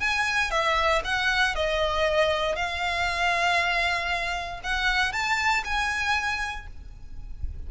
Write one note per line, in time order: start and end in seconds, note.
0.00 0.51 G#5
0.51 1.02 E5
1.04 1.55 F#5
1.55 2.56 D#5
2.56 4.61 F5
4.64 5.13 F#5
5.13 5.64 A5
5.65 6.67 G#5